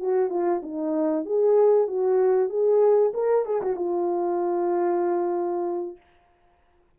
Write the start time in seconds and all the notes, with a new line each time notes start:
0.00 F#4
0.30 F4
0.63 D#4
1.26 G#4
1.88 F#4
2.50 G#4
3.14 A#4
3.46 G#4
3.62 F#4
3.76 F4